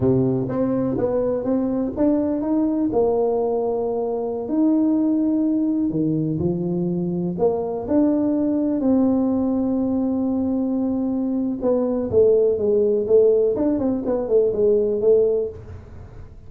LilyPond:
\new Staff \with { instrumentName = "tuba" } { \time 4/4 \tempo 4 = 124 c4 c'4 b4 c'4 | d'4 dis'4 ais2~ | ais4~ ais16 dis'2~ dis'8.~ | dis'16 dis4 f2 ais8.~ |
ais16 d'2 c'4.~ c'16~ | c'1 | b4 a4 gis4 a4 | d'8 c'8 b8 a8 gis4 a4 | }